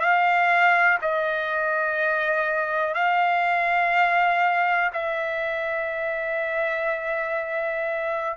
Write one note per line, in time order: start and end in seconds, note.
0.00 0.98 F5
1.01 2.94 D#5
2.94 4.91 F5
4.93 8.37 E5